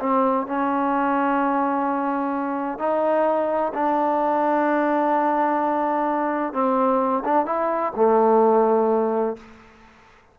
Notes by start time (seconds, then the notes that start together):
0.00 C4
0.47 C#4
2.79 D#4
3.74 D4
6.53 C4
7.25 D4
7.46 E4
7.96 A3